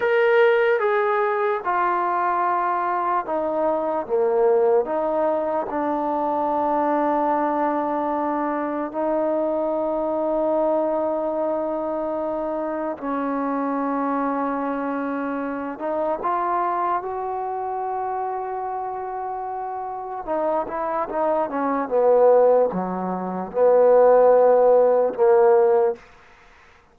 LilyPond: \new Staff \with { instrumentName = "trombone" } { \time 4/4 \tempo 4 = 74 ais'4 gis'4 f'2 | dis'4 ais4 dis'4 d'4~ | d'2. dis'4~ | dis'1 |
cis'2.~ cis'8 dis'8 | f'4 fis'2.~ | fis'4 dis'8 e'8 dis'8 cis'8 b4 | fis4 b2 ais4 | }